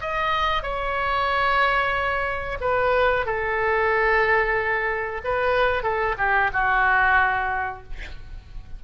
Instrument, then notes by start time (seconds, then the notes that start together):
oboe
0.00 D#5
0.62 C#5
2.60 B4
3.25 A4
5.24 B4
5.83 A4
6.17 G4
6.53 F#4